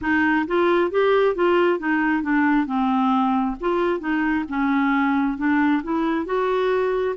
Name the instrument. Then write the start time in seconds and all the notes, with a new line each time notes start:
clarinet
0.01 D#4
0.47 F4
0.90 G4
1.35 F4
1.79 D#4
2.23 D4
2.66 C4
3.60 F4
3.99 D#4
4.48 C#4
5.37 D4
5.82 E4
6.25 F#4